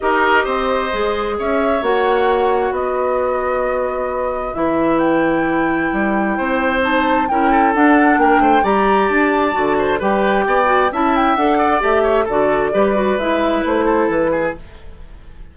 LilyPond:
<<
  \new Staff \with { instrumentName = "flute" } { \time 4/4 \tempo 4 = 132 dis''2. e''4 | fis''2 dis''2~ | dis''2 e''4 g''4~ | g''2. a''4 |
g''4 fis''4 g''4 ais''4 | a''2 g''2 | a''8 g''8 fis''4 e''4 d''4~ | d''4 e''4 c''4 b'4 | }
  \new Staff \with { instrumentName = "oboe" } { \time 4/4 ais'4 c''2 cis''4~ | cis''2 b'2~ | b'1~ | b'2 c''2 |
ais'8 a'4. ais'8 c''8 d''4~ | d''4. c''8 b'4 d''4 | e''4. d''4 cis''8 a'4 | b'2~ b'8 a'4 gis'8 | }
  \new Staff \with { instrumentName = "clarinet" } { \time 4/4 g'2 gis'2 | fis'1~ | fis'2 e'2~ | e'2. dis'4 |
e'4 d'2 g'4~ | g'4 fis'4 g'4. fis'8 | e'4 a'4 g'4 fis'4 | g'8 fis'8 e'2. | }
  \new Staff \with { instrumentName = "bassoon" } { \time 4/4 dis'4 c'4 gis4 cis'4 | ais2 b2~ | b2 e2~ | e4 g4 c'2 |
cis'4 d'4 ais8 a8 g4 | d'4 d4 g4 b4 | cis'4 d'4 a4 d4 | g4 gis4 a4 e4 | }
>>